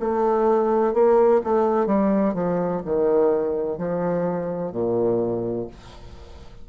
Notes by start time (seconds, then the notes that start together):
0.00 A3
0.94 A#3
1.44 A3
1.87 G3
2.34 F3
2.85 D#3
3.78 F3
4.72 A#2